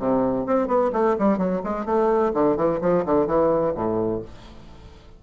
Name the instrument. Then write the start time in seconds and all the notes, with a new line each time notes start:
bassoon
0.00 C3
0.47 C4
0.68 B3
0.93 A3
1.19 G3
1.38 F#3
1.64 G#3
1.86 A3
2.34 D3
2.57 E3
2.82 F3
3.06 D3
3.27 E3
3.75 A2